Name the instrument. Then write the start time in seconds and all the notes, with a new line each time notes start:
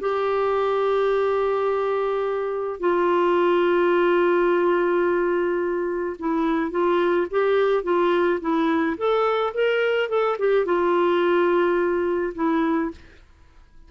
clarinet
0.00 G4
2.80 F4
6.19 E4
6.71 F4
7.31 G4
7.84 F4
8.40 E4
8.97 A4
9.54 A#4
10.09 A4
10.39 G4
10.65 F4
12.35 E4